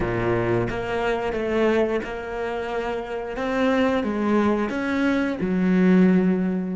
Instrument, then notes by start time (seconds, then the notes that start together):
cello
0.00 A#2
0.69 A#3
1.33 A3
2.04 A#3
3.36 C4
4.03 G#3
4.69 C#4
5.41 F#3